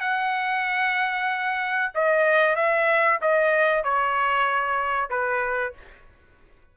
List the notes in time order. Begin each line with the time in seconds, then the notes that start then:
0.00 F#5
1.95 D#5
2.56 E5
3.21 D#5
3.84 C#5
5.10 B4